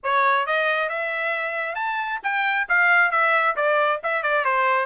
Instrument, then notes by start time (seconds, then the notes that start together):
trumpet
0.03 C#5
0.46 D#5
0.89 E5
1.75 A5
2.23 G5
2.68 F5
3.11 E5
3.56 D5
4.03 E5
4.22 D5
4.44 C5